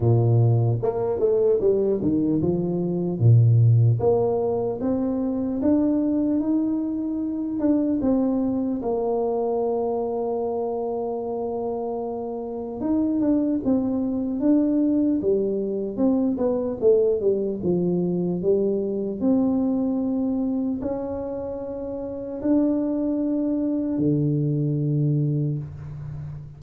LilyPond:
\new Staff \with { instrumentName = "tuba" } { \time 4/4 \tempo 4 = 75 ais,4 ais8 a8 g8 dis8 f4 | ais,4 ais4 c'4 d'4 | dis'4. d'8 c'4 ais4~ | ais1 |
dis'8 d'8 c'4 d'4 g4 | c'8 b8 a8 g8 f4 g4 | c'2 cis'2 | d'2 d2 | }